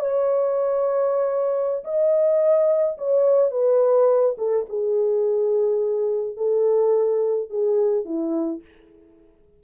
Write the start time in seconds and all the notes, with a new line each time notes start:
0.00 C#5
1.84 D#5
2.98 C#5
3.51 B4
4.38 A4
4.69 G#4
6.37 A4
7.50 G#4
8.05 E4